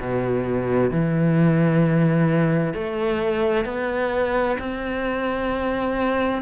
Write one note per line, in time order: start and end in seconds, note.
0.00 0.90 B2
0.90 2.74 E3
2.74 3.65 A3
3.65 4.57 B3
4.59 6.42 C4